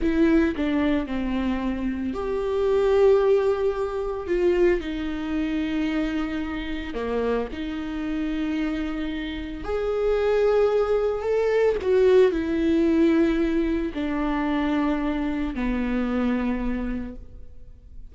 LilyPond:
\new Staff \with { instrumentName = "viola" } { \time 4/4 \tempo 4 = 112 e'4 d'4 c'2 | g'1 | f'4 dis'2.~ | dis'4 ais4 dis'2~ |
dis'2 gis'2~ | gis'4 a'4 fis'4 e'4~ | e'2 d'2~ | d'4 b2. | }